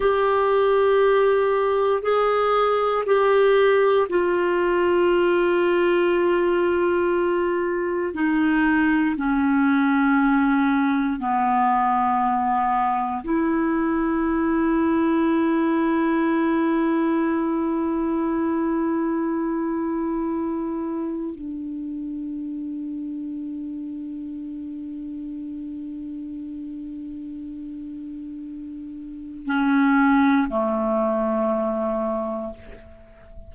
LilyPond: \new Staff \with { instrumentName = "clarinet" } { \time 4/4 \tempo 4 = 59 g'2 gis'4 g'4 | f'1 | dis'4 cis'2 b4~ | b4 e'2.~ |
e'1~ | e'4 d'2.~ | d'1~ | d'4 cis'4 a2 | }